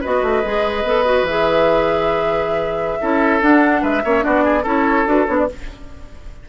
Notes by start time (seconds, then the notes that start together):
0.00 B3 F#4 B4 D#5
0.22 A3
0.44 G#3 G#4
0.83 B3 A4
1.05 F#4
1.22 E3 E5
1.28 G#4
3.01 C#4 E4 A4
3.40 D4 F#5
3.81 G#3 B4 E5
4.04 A#3 C#4 C#5
4.20 B3 D4 F#4 D5
4.44 G#4
4.62 C#4 E4 A4 C#5
5.06 D4 F#4 B4
5.26 B3 D4 C#5
5.38 D5